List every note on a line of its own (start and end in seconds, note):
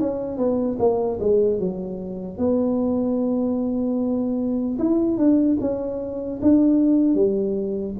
0.00 0.38 C#4
0.38 0.78 B3
0.79 1.19 A#3
1.20 1.60 G#3
1.60 2.38 F#3
2.38 4.78 B3
4.79 5.17 E4
5.17 5.57 D4
5.61 6.41 C#4
6.42 7.15 D4
7.15 7.95 G3